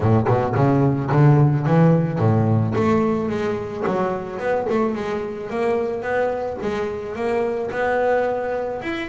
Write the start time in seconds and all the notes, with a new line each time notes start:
0.00 A2
0.27 B2
0.55 C#3
1.11 D3
1.66 E3
2.18 A2
2.75 A3
3.29 G#3
3.87 F#3
4.39 B3
4.69 A3
4.94 G#3
5.49 A#3
6.02 B3
6.62 G#3
7.15 A#3
7.71 B3
8.82 E4